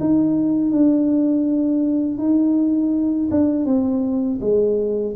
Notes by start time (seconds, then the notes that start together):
0.00 D#4
0.71 D4
2.18 D#4
3.31 D4
3.65 C4
4.41 G#3